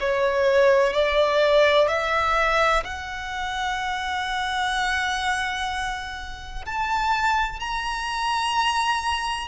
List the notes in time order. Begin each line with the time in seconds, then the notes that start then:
0.00 C#5
0.94 D5
1.88 E5
2.84 F#5
6.65 A5
7.60 A#5